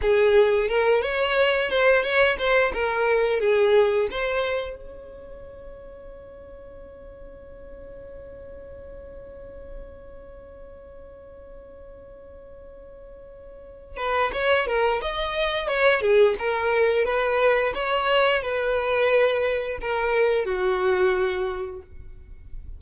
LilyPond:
\new Staff \with { instrumentName = "violin" } { \time 4/4 \tempo 4 = 88 gis'4 ais'8 cis''4 c''8 cis''8 c''8 | ais'4 gis'4 c''4 cis''4~ | cis''1~ | cis''1~ |
cis''1~ | cis''8 b'8 cis''8 ais'8 dis''4 cis''8 gis'8 | ais'4 b'4 cis''4 b'4~ | b'4 ais'4 fis'2 | }